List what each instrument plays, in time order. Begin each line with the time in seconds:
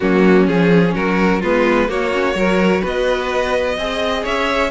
0.00 cello F#3, viola A#3, violin C#4 F#4
0.47 cello F3, viola C#4, violin G#4
0.94 cello F#3, violin F#4 A#4
1.40 cello G#3, viola B3, violin F4 B4
1.88 viola A#3, cello A#3, violin F#4 C#5
2.12 viola C#4
2.34 cello F#3, viola F#4, violin A#4
2.81 cello B3, violin B4 D#5
3.77 cello C4, viola G#4, violin D#5
4.23 cello C#4, violin C#5 E5